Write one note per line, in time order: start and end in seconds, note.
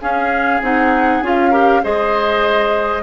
0.00 0.61 C#4
0.00 0.62 C#4
0.00 1.50 G#4
0.00 0.61 F5
0.61 1.21 C4
0.61 1.23 D#4
0.61 1.24 F#5
1.21 1.82 C#4
1.21 1.52 F4
1.21 1.84 F5
1.50 1.82 G4
1.50 1.81 A#4
1.83 3.03 G#3
1.83 3.03 G#4
1.83 3.03 C5
1.83 3.03 D#5